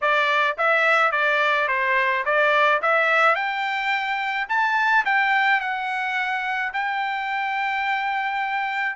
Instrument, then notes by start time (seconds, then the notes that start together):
trumpet
0.01 D5
0.57 E5
1.11 D5
1.68 C5
2.25 D5
2.81 E5
3.35 G5
4.48 A5
5.05 G5
5.60 F#5
6.73 G5